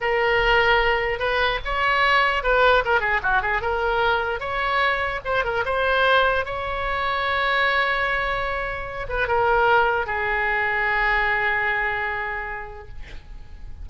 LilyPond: \new Staff \with { instrumentName = "oboe" } { \time 4/4 \tempo 4 = 149 ais'2. b'4 | cis''2 b'4 ais'8 gis'8 | fis'8 gis'8 ais'2 cis''4~ | cis''4 c''8 ais'8 c''2 |
cis''1~ | cis''2~ cis''8 b'8 ais'4~ | ais'4 gis'2.~ | gis'1 | }